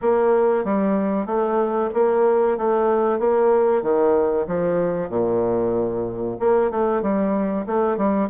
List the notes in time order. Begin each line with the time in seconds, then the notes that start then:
0.01 A#3
0.64 G3
1.26 A3
1.94 A#3
2.57 A3
3.19 A#3
3.82 D#3
4.47 F3
5.09 A#2
6.39 A#3
6.70 A3
7.02 G3
7.66 A3
7.97 G3